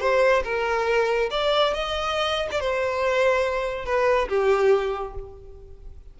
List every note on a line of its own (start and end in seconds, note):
0.00 0.43 C5
0.44 1.29 A#4
1.30 1.73 D5
1.73 2.48 D#5
2.51 2.60 D5
2.60 3.85 C5
3.85 4.28 B4
4.28 5.14 G4